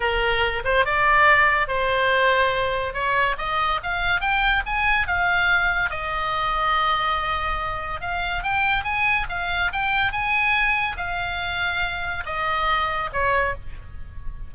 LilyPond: \new Staff \with { instrumentName = "oboe" } { \time 4/4 \tempo 4 = 142 ais'4. c''8 d''2 | c''2. cis''4 | dis''4 f''4 g''4 gis''4 | f''2 dis''2~ |
dis''2. f''4 | g''4 gis''4 f''4 g''4 | gis''2 f''2~ | f''4 dis''2 cis''4 | }